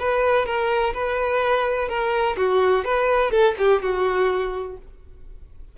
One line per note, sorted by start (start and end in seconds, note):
0.00 0.46 B4
0.46 0.94 A#4
0.95 1.89 B4
1.89 2.37 A#4
2.37 2.85 F#4
2.85 3.32 B4
3.32 3.55 A4
3.59 3.83 G4
3.83 4.78 F#4